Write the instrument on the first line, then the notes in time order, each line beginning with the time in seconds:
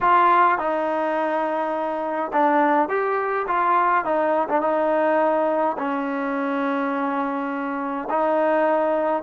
trombone
0.00 F4
0.58 D#4
2.32 D4
2.88 G4
3.47 F4
4.04 D#4
4.48 D4
4.61 D#4
5.77 C#4
8.09 D#4